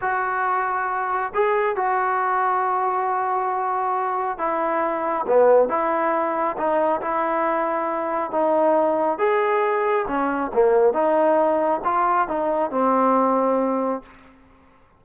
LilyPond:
\new Staff \with { instrumentName = "trombone" } { \time 4/4 \tempo 4 = 137 fis'2. gis'4 | fis'1~ | fis'2 e'2 | b4 e'2 dis'4 |
e'2. dis'4~ | dis'4 gis'2 cis'4 | ais4 dis'2 f'4 | dis'4 c'2. | }